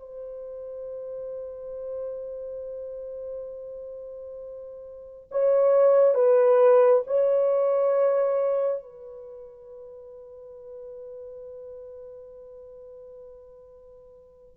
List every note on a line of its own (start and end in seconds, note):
0.00 5.29 C5
5.31 6.15 C#5
6.15 7.03 B4
7.07 8.83 C#5
8.83 14.56 B4